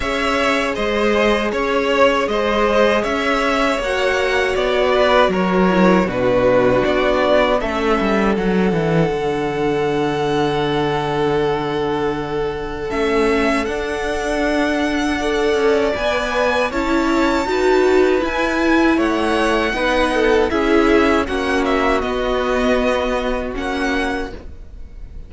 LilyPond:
<<
  \new Staff \with { instrumentName = "violin" } { \time 4/4 \tempo 4 = 79 e''4 dis''4 cis''4 dis''4 | e''4 fis''4 d''4 cis''4 | b'4 d''4 e''4 fis''4~ | fis''1~ |
fis''4 e''4 fis''2~ | fis''4 gis''4 a''2 | gis''4 fis''2 e''4 | fis''8 e''8 dis''2 fis''4 | }
  \new Staff \with { instrumentName = "violin" } { \time 4/4 cis''4 c''4 cis''4 c''4 | cis''2~ cis''8 b'8 ais'4 | fis'2 a'2~ | a'1~ |
a'1 | d''2 cis''4 b'4~ | b'4 cis''4 b'8 a'8 gis'4 | fis'1 | }
  \new Staff \with { instrumentName = "viola" } { \time 4/4 gis'1~ | gis'4 fis'2~ fis'8 e'8 | d'2 cis'4 d'4~ | d'1~ |
d'4 cis'4 d'2 | a'4 b'4 e'4 fis'4 | e'2 dis'4 e'4 | cis'4 b2 cis'4 | }
  \new Staff \with { instrumentName = "cello" } { \time 4/4 cis'4 gis4 cis'4 gis4 | cis'4 ais4 b4 fis4 | b,4 b4 a8 g8 fis8 e8 | d1~ |
d4 a4 d'2~ | d'8 cis'8 b4 cis'4 dis'4 | e'4 a4 b4 cis'4 | ais4 b2 ais4 | }
>>